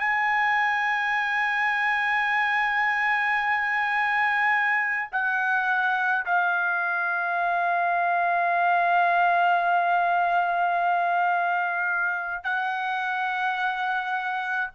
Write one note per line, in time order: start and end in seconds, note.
0.00 5.09 G#5
5.12 6.25 F#5
6.25 12.44 F5
12.44 14.71 F#5